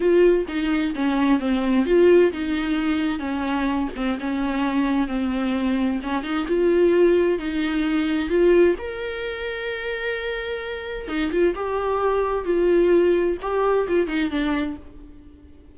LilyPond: \new Staff \with { instrumentName = "viola" } { \time 4/4 \tempo 4 = 130 f'4 dis'4 cis'4 c'4 | f'4 dis'2 cis'4~ | cis'8 c'8 cis'2 c'4~ | c'4 cis'8 dis'8 f'2 |
dis'2 f'4 ais'4~ | ais'1 | dis'8 f'8 g'2 f'4~ | f'4 g'4 f'8 dis'8 d'4 | }